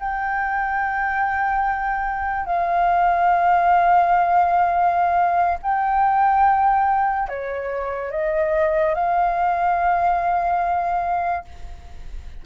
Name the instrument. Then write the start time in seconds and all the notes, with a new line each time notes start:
flute
0.00 G5
2.46 F5
5.62 G5
7.29 C#5
8.11 D#5
8.95 F5